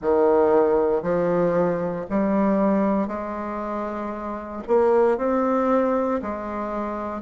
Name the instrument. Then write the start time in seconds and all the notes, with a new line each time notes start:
bassoon
0.01 D#3
1.02 F3
2.09 G3
3.08 G#3
4.67 A#3
5.17 C4
6.22 G#3